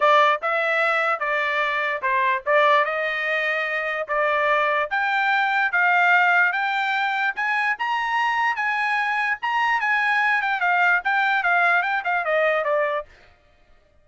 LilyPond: \new Staff \with { instrumentName = "trumpet" } { \time 4/4 \tempo 4 = 147 d''4 e''2 d''4~ | d''4 c''4 d''4 dis''4~ | dis''2 d''2 | g''2 f''2 |
g''2 gis''4 ais''4~ | ais''4 gis''2 ais''4 | gis''4. g''8 f''4 g''4 | f''4 g''8 f''8 dis''4 d''4 | }